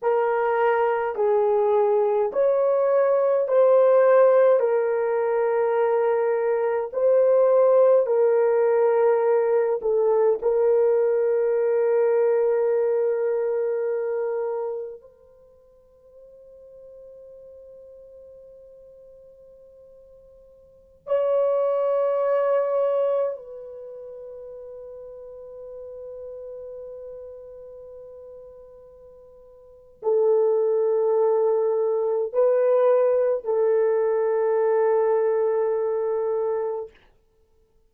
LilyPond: \new Staff \with { instrumentName = "horn" } { \time 4/4 \tempo 4 = 52 ais'4 gis'4 cis''4 c''4 | ais'2 c''4 ais'4~ | ais'8 a'8 ais'2.~ | ais'4 c''2.~ |
c''2~ c''16 cis''4.~ cis''16~ | cis''16 b'2.~ b'8.~ | b'2 a'2 | b'4 a'2. | }